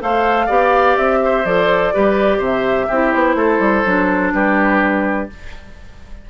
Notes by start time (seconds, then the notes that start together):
0.00 A3 A4 C5 F5
0.46 B3 G4 D5
0.97 C4 E5
1.24 C5
1.45 F3 A4 D5
1.93 G3 G4 B4
2.38 C3 C5
2.45 E5
2.88 C4 E4 G4
3.12 B3 C5
3.35 A3 A4
3.59 G3
3.85 F#3 D4
4.33 G3 G4 B4